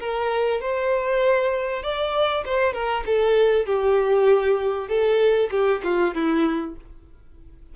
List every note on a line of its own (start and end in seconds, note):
0.00 0.61 A#4
0.61 1.83 C5
1.83 2.44 D5
2.45 2.73 C5
2.73 3.04 A#4
3.06 3.66 A4
3.66 4.88 G4
4.88 5.49 A4
5.50 5.81 G4
5.84 6.14 F4
6.14 6.75 E4